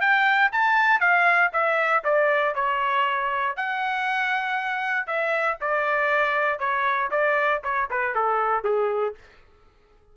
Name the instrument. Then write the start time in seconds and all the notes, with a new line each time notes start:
trumpet
0.00 G5
0.52 A5
1.00 F5
1.53 E5
2.04 D5
2.55 C#5
3.56 F#5
5.07 E5
5.60 D5
6.59 C#5
7.10 D5
7.63 C#5
7.90 B4
8.14 A4
8.64 G#4